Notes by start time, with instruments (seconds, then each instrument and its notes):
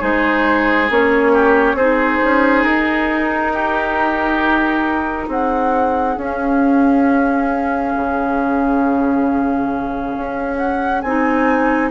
0.00 bassoon G#3, clarinet D#4, oboe G#4, flute C5
0.90 bassoon A#3, clarinet C#4, flute C#5
1.33 oboe G4
1.74 bassoon C4, clarinet D#4, oboe G#4, flute C5
2.24 bassoon C#4
2.64 bassoon D#4, flute A#4
3.53 oboe G4
5.28 bassoon C4, oboe G#4, flute F#5
6.16 clarinet C#4, bassoon C#4, flute F5
7.96 bassoon C#3
10.17 bassoon C#4
10.57 flute F#5
11.01 bassoon C4, clarinet D#4, flute G#5